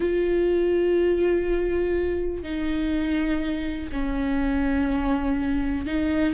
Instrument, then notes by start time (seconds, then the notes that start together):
viola
0.00 F4
2.42 D#4
3.92 C#4
5.86 D#4